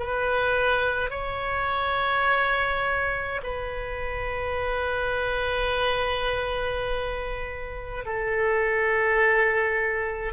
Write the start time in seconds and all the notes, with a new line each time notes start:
0.00 B4
1.11 C#5
3.44 B4
8.06 A4